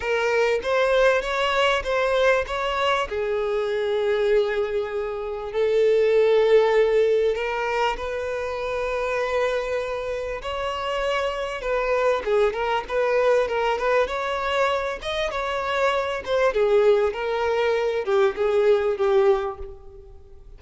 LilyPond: \new Staff \with { instrumentName = "violin" } { \time 4/4 \tempo 4 = 98 ais'4 c''4 cis''4 c''4 | cis''4 gis'2.~ | gis'4 a'2. | ais'4 b'2.~ |
b'4 cis''2 b'4 | gis'8 ais'8 b'4 ais'8 b'8 cis''4~ | cis''8 dis''8 cis''4. c''8 gis'4 | ais'4. g'8 gis'4 g'4 | }